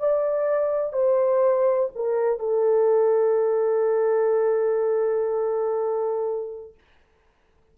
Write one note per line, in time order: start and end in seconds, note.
0.00 0.93 D5
0.93 1.90 C5
1.96 2.39 A#4
2.39 6.75 A4